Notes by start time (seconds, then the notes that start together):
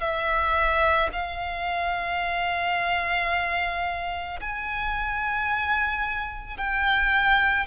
0.00 E5
1.12 F5
4.40 G#5
6.58 G5